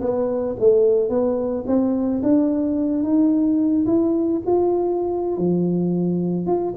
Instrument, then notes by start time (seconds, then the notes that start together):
tuba
0.00 B3
0.59 A3
1.09 B3
1.66 C4
2.22 D4
3.03 D#4
3.86 E4
4.45 F4
5.37 F3
6.46 F4